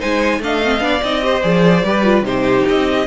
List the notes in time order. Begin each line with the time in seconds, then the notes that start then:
0.00 G#3 D#4 C5 G#5
0.40 A3 D4 D#5 F5
0.64 C4
0.81 B3 D4 D5
1.03 C4 D#4 D#5
1.23 G4 C5
1.42 F3 G#4 D5
1.84 G3 G4 B4
2.04 F4
2.23 C3 D#4 G4 C5
2.68 C4 D#5